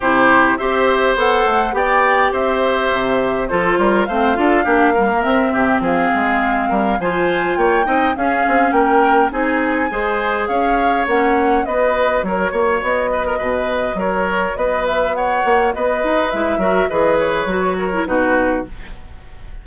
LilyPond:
<<
  \new Staff \with { instrumentName = "flute" } { \time 4/4 \tempo 4 = 103 c''4 e''4 fis''4 g''4 | e''2 c''4 f''4~ | f''4 e''4 f''2 | gis''4 g''4 f''4 g''4 |
gis''2 f''4 fis''4 | dis''4 cis''4 dis''2 | cis''4 dis''8 e''8 fis''4 dis''4 | e''4 dis''8 cis''4. b'4 | }
  \new Staff \with { instrumentName = "oboe" } { \time 4/4 g'4 c''2 d''4 | c''2 a'8 ais'8 c''8 a'8 | g'8 ais'4 g'8 gis'4. ais'8 | c''4 cis''8 dis''8 gis'4 ais'4 |
gis'4 c''4 cis''2 | b'4 ais'8 cis''4 b'16 ais'16 b'4 | ais'4 b'4 cis''4 b'4~ | b'8 ais'8 b'4. ais'8 fis'4 | }
  \new Staff \with { instrumentName = "clarinet" } { \time 4/4 e'4 g'4 a'4 g'4~ | g'2 f'4 c'8 f'8 | d'8 g16 ais16 c'2. | f'4. dis'8 cis'2 |
dis'4 gis'2 cis'4 | fis'1~ | fis'1 | e'8 fis'8 gis'4 fis'8. e'16 dis'4 | }
  \new Staff \with { instrumentName = "bassoon" } { \time 4/4 c4 c'4 b8 a8 b4 | c'4 c4 f8 g8 a8 d'8 | ais4 c'8 c8 f8 gis4 g8 | f4 ais8 c'8 cis'8 c'8 ais4 |
c'4 gis4 cis'4 ais4 | b4 fis8 ais8 b4 b,4 | fis4 b4. ais8 b8 dis'8 | gis8 fis8 e4 fis4 b,4 | }
>>